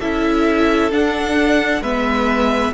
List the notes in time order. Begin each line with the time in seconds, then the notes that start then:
0.00 C#4 E4 A4 E5
0.92 D4 F#5
1.81 G#3 B3 B4 E5